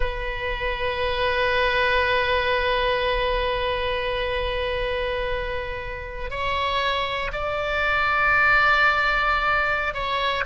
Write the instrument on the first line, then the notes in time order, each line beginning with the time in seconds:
oboe
0.00 B4
6.30 C#5
7.32 D5
9.94 C#5